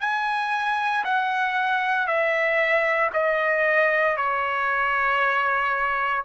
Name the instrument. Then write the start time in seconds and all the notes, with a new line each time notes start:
trumpet
0.00 G#5
1.04 F#5
2.06 E5
3.13 D#5
4.17 C#5